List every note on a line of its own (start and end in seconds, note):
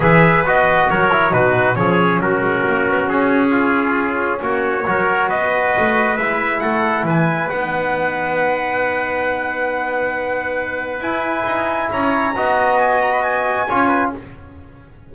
0.00 0.43 E3
0.00 0.43 G#4
0.00 0.89 B4
0.00 0.46 E5
0.44 0.88 B3
0.44 1.10 F#4
0.44 0.90 D#5
0.89 1.31 F#3
0.89 1.32 A#4
0.89 1.33 C#5
1.10 1.31 E4
1.31 1.76 B2
1.31 1.74 D#4
1.31 1.76 F#4
1.31 1.75 B4
1.74 2.19 F3
1.74 4.83 C#4
1.74 2.21 G#4
1.74 2.19 C#5
2.19 2.40 F#3
2.19 3.50 F#4
2.19 3.08 A#4
2.40 2.62 G#3
2.67 2.88 A#3
2.88 3.07 B3
3.07 4.40 C#4
3.07 4.41 G#4
3.50 4.38 F4
4.41 4.86 A#3
4.41 4.85 F#4
4.41 5.29 C#5
4.85 5.31 F#3
4.85 6.18 F#4
4.85 5.28 A#4
5.28 5.75 B3
5.28 6.61 B4
5.28 6.17 D#5
5.77 6.17 A3
6.17 6.61 G#3
6.17 7.51 E4
6.17 6.60 E5
6.60 7.03 A3
6.60 7.05 A4
6.60 7.04 F#5
7.03 7.47 E3
7.03 11.91 B4
7.03 7.49 G#5
7.49 11.00 B3
7.49 11.02 D#4
7.49 11.01 F#5
11.00 11.44 E4
11.00 12.34 E4
11.00 11.90 G#5
11.45 11.89 D#4
11.91 12.36 C#4
11.91 12.36 C#5
11.91 12.79 A#5
12.36 13.68 B3
12.36 13.68 F#4
12.36 13.68 D#5
12.79 13.01 G#5
13.01 13.12 A#5
13.12 13.22 B5
13.22 14.10 G#5
13.68 14.14 C#4
13.68 14.13 F4
13.68 13.88 C#5
13.88 14.10 B4